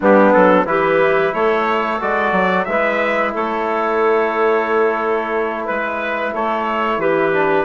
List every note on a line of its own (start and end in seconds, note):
0.00 0.34 G3
0.00 0.65 B3
0.00 0.65 D4
0.00 0.32 G4
0.32 0.65 F#3
0.32 0.66 A4
0.65 1.32 E3
0.65 1.99 E4
0.65 1.33 G4
0.65 1.33 B4
1.33 2.00 A3
1.33 2.66 A4
1.33 2.00 C#5
2.00 2.32 G#3
2.00 2.66 F#4
2.00 2.65 D5
2.32 2.65 F#3
2.65 3.34 G#3
2.65 7.33 E4
2.65 3.33 B4
2.65 3.31 E5
3.33 5.68 A3
3.33 5.65 A4
3.33 5.66 C#5
5.65 6.33 G#3
5.65 6.32 B4
5.65 6.33 B4
6.33 6.97 A3
6.33 6.99 A4
6.33 7.00 C#5
6.97 7.64 E3
6.97 7.65 G4
6.97 7.65 B4
7.33 7.65 D4